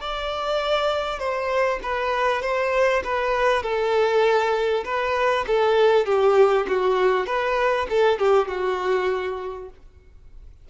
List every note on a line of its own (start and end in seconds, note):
0.00 1.19 D5
1.19 1.80 C5
1.83 2.42 B4
2.42 3.02 C5
3.04 3.63 B4
3.63 4.84 A4
4.85 5.45 B4
5.47 6.06 A4
6.06 6.66 G4
6.67 7.26 F#4
7.26 7.87 B4
7.90 8.19 A4
8.19 8.48 G4
8.48 9.69 F#4